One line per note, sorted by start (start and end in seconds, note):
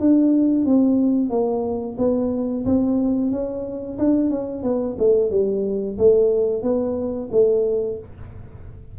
0.00 0.65 D4
0.65 1.30 C4
1.30 1.96 A#3
1.98 2.65 B3
2.65 3.31 C4
3.31 3.98 C#4
3.98 4.30 D4
4.30 4.63 C#4
4.63 4.96 B3
4.98 5.31 A3
5.31 5.97 G3
5.98 6.63 A3
6.63 7.29 B3
7.32 7.98 A3